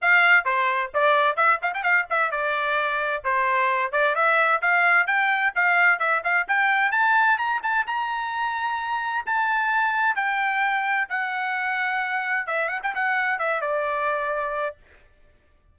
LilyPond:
\new Staff \with { instrumentName = "trumpet" } { \time 4/4 \tempo 4 = 130 f''4 c''4 d''4 e''8 f''16 g''16 | f''8 e''8 d''2 c''4~ | c''8 d''8 e''4 f''4 g''4 | f''4 e''8 f''8 g''4 a''4 |
ais''8 a''8 ais''2. | a''2 g''2 | fis''2. e''8 fis''16 g''16 | fis''4 e''8 d''2~ d''8 | }